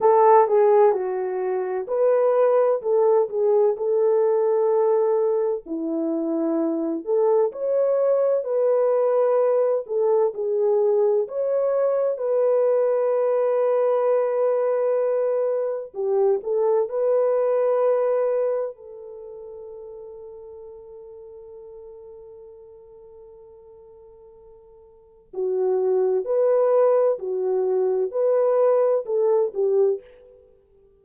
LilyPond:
\new Staff \with { instrumentName = "horn" } { \time 4/4 \tempo 4 = 64 a'8 gis'8 fis'4 b'4 a'8 gis'8 | a'2 e'4. a'8 | cis''4 b'4. a'8 gis'4 | cis''4 b'2.~ |
b'4 g'8 a'8 b'2 | a'1~ | a'2. fis'4 | b'4 fis'4 b'4 a'8 g'8 | }